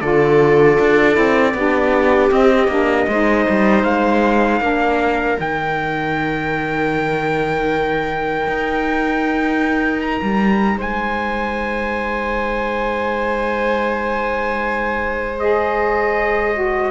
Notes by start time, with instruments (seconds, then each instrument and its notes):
0.00 cello D3, saxophone F4, viola A4, trumpet D5
0.79 cello D4
1.12 cello C4, saxophone E4
1.54 cello B3, saxophone D4, viola G4
2.31 cello C4, saxophone C4, trumpet D#5
2.67 cello A#3, saxophone D4
3.07 cello G#3, saxophone D#4, viola C5
3.49 cello G3
3.83 cello G#3, trumpet F5
4.60 cello A#3, saxophone D4, viola A#4
5.38 cello D#3, saxophone D#4, trumpet G5
8.47 cello D#4
10.01 trumpet A#5
10.22 cello G3
10.77 cello G#3, viola C5, trumpet G#5
15.39 saxophone G#4, trumpet D#5
16.54 saxophone F#4